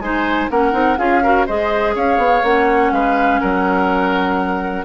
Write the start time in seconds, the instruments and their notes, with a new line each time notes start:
0.00 bassoon G#3, clarinet D#4, oboe C5, flute G#5
0.51 bassoon A#3, clarinet C#4, oboe A#4, flute F#5
0.72 bassoon C4, clarinet D#4
0.98 bassoon C#4, clarinet F4, oboe G#4, flute F5
1.24 clarinet F#4, oboe A#4
1.47 bassoon G#3, clarinet G#4, oboe C5, flute D#5
1.96 bassoon C#4, oboe C#5, flute F5
2.18 bassoon B3
2.43 bassoon A#3, clarinet C#4, flute F#5
2.92 bassoon G#3, oboe B4, flute F5
3.40 bassoon F#3, oboe A#4, flute F#5